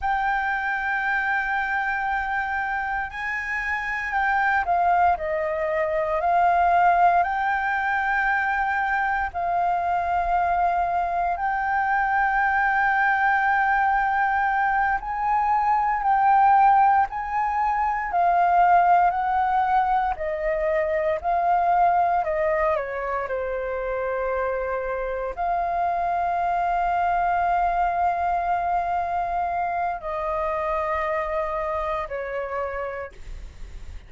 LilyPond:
\new Staff \with { instrumentName = "flute" } { \time 4/4 \tempo 4 = 58 g''2. gis''4 | g''8 f''8 dis''4 f''4 g''4~ | g''4 f''2 g''4~ | g''2~ g''8 gis''4 g''8~ |
g''8 gis''4 f''4 fis''4 dis''8~ | dis''8 f''4 dis''8 cis''8 c''4.~ | c''8 f''2.~ f''8~ | f''4 dis''2 cis''4 | }